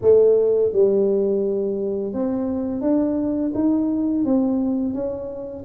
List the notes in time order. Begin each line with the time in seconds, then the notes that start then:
0.01 A3
0.72 G3
2.13 C4
2.81 D4
3.54 D#4
4.24 C4
4.93 C#4